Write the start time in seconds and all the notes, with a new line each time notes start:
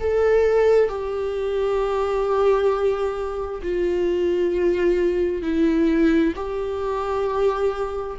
0.00 A4
0.88 G4
3.62 F4
5.42 E4
6.35 G4